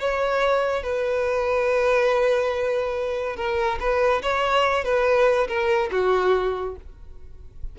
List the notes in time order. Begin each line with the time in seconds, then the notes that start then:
0.00 C#5
0.83 B4
3.36 A#4
3.80 B4
4.23 C#5
4.84 B4
5.48 A#4
5.91 F#4